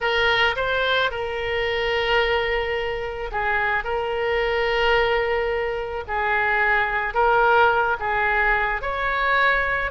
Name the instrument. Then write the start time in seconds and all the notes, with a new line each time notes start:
oboe
0.00 A#4
0.56 C5
1.10 A#4
3.31 G#4
3.84 A#4
6.07 G#4
7.14 A#4
7.99 G#4
8.81 C#5